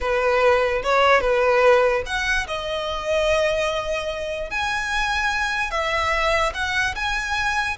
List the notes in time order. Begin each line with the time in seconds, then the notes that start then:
0.00 B4
0.83 C#5
1.20 B4
2.06 F#5
2.47 D#5
4.50 G#5
5.71 E5
6.53 F#5
6.95 G#5